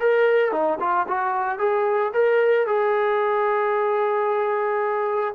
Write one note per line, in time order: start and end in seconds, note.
0.00 0.52 A#4
0.52 0.79 D#4
0.80 1.07 F4
1.08 1.59 F#4
1.59 2.13 G#4
2.14 2.67 A#4
2.67 5.35 G#4